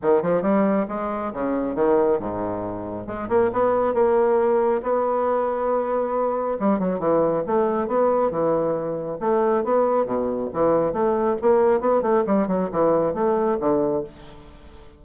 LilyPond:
\new Staff \with { instrumentName = "bassoon" } { \time 4/4 \tempo 4 = 137 dis8 f8 g4 gis4 cis4 | dis4 gis,2 gis8 ais8 | b4 ais2 b4~ | b2. g8 fis8 |
e4 a4 b4 e4~ | e4 a4 b4 b,4 | e4 a4 ais4 b8 a8 | g8 fis8 e4 a4 d4 | }